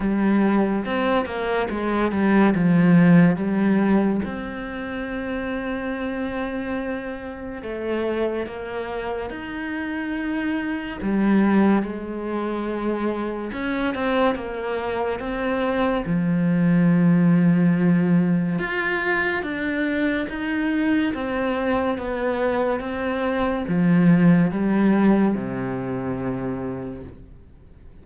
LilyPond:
\new Staff \with { instrumentName = "cello" } { \time 4/4 \tempo 4 = 71 g4 c'8 ais8 gis8 g8 f4 | g4 c'2.~ | c'4 a4 ais4 dis'4~ | dis'4 g4 gis2 |
cis'8 c'8 ais4 c'4 f4~ | f2 f'4 d'4 | dis'4 c'4 b4 c'4 | f4 g4 c2 | }